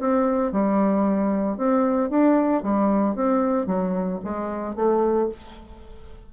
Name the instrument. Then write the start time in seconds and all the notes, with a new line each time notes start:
bassoon
0.00 C4
0.52 G3
1.58 C4
2.10 D4
2.63 G3
3.16 C4
3.67 F#3
4.25 G#3
4.76 A3